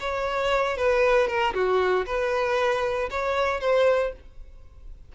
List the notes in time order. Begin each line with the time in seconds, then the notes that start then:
0.00 C#5
0.77 B4
1.28 A#4
1.54 F#4
2.06 B4
3.11 C#5
3.61 C5